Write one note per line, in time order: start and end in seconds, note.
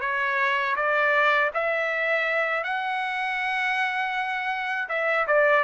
0.00 0.75 C#5
0.76 1.51 D5
1.53 2.63 E5
2.63 4.88 F#5
4.89 5.26 E5
5.27 5.64 D5